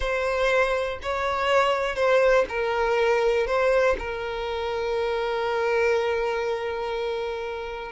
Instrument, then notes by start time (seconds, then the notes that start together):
violin
0.00 C5
1.02 C#5
1.95 C5
2.49 A#4
3.46 C5
3.98 A#4